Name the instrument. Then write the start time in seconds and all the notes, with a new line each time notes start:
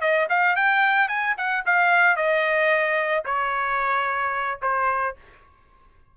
trumpet
0.00 D#5
0.29 F5
0.55 G5
1.08 G#5
1.37 F#5
1.65 F5
2.16 D#5
3.24 C#5
4.61 C5